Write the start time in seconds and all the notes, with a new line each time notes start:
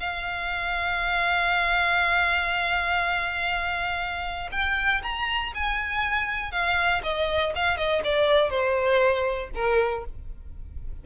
0.00 F5
4.52 G5
5.03 A#5
5.55 G#5
6.52 F5
7.03 D#5
7.55 F5
7.77 D#5
8.04 D5
8.50 C5
9.55 A#4